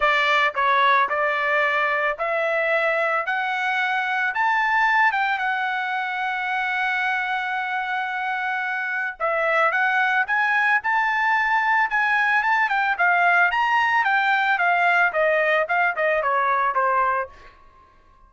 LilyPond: \new Staff \with { instrumentName = "trumpet" } { \time 4/4 \tempo 4 = 111 d''4 cis''4 d''2 | e''2 fis''2 | a''4. g''8 fis''2~ | fis''1~ |
fis''4 e''4 fis''4 gis''4 | a''2 gis''4 a''8 g''8 | f''4 ais''4 g''4 f''4 | dis''4 f''8 dis''8 cis''4 c''4 | }